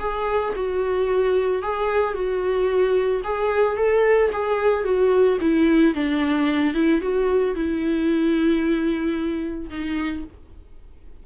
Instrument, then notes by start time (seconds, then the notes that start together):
viola
0.00 G#4
0.56 F#4
1.63 G#4
2.14 F#4
3.24 G#4
3.77 A4
4.33 G#4
4.85 F#4
5.41 E4
5.95 D4
6.74 E4
7.01 F#4
7.56 E4
9.70 D#4